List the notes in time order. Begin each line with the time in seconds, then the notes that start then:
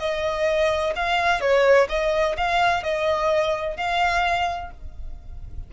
0.00 D#5
0.96 F5
1.41 C#5
1.90 D#5
2.38 F5
2.84 D#5
3.77 F5